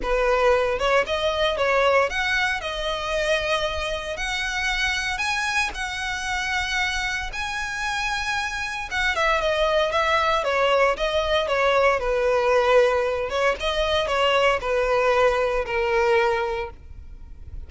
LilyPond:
\new Staff \with { instrumentName = "violin" } { \time 4/4 \tempo 4 = 115 b'4. cis''8 dis''4 cis''4 | fis''4 dis''2. | fis''2 gis''4 fis''4~ | fis''2 gis''2~ |
gis''4 fis''8 e''8 dis''4 e''4 | cis''4 dis''4 cis''4 b'4~ | b'4. cis''8 dis''4 cis''4 | b'2 ais'2 | }